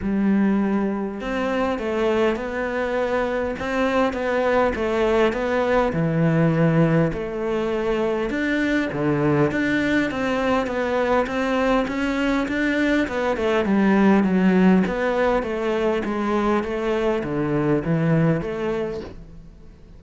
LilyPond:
\new Staff \with { instrumentName = "cello" } { \time 4/4 \tempo 4 = 101 g2 c'4 a4 | b2 c'4 b4 | a4 b4 e2 | a2 d'4 d4 |
d'4 c'4 b4 c'4 | cis'4 d'4 b8 a8 g4 | fis4 b4 a4 gis4 | a4 d4 e4 a4 | }